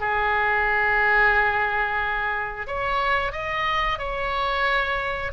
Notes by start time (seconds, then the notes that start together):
0.00 G#4
2.66 C#5
3.32 D#5
3.98 C#5